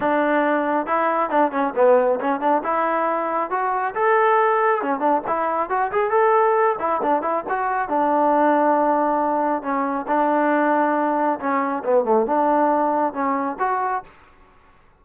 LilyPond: \new Staff \with { instrumentName = "trombone" } { \time 4/4 \tempo 4 = 137 d'2 e'4 d'8 cis'8 | b4 cis'8 d'8 e'2 | fis'4 a'2 cis'8 d'8 | e'4 fis'8 gis'8 a'4. e'8 |
d'8 e'8 fis'4 d'2~ | d'2 cis'4 d'4~ | d'2 cis'4 b8 a8 | d'2 cis'4 fis'4 | }